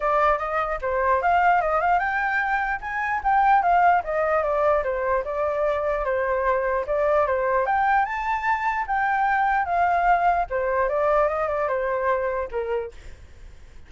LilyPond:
\new Staff \with { instrumentName = "flute" } { \time 4/4 \tempo 4 = 149 d''4 dis''4 c''4 f''4 | dis''8 f''8 g''2 gis''4 | g''4 f''4 dis''4 d''4 | c''4 d''2 c''4~ |
c''4 d''4 c''4 g''4 | a''2 g''2 | f''2 c''4 d''4 | dis''8 d''8 c''2 ais'4 | }